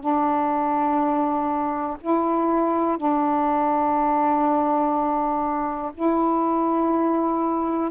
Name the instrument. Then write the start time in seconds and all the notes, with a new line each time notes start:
saxophone
0.00 D4
2.00 E4
2.97 D4
5.94 E4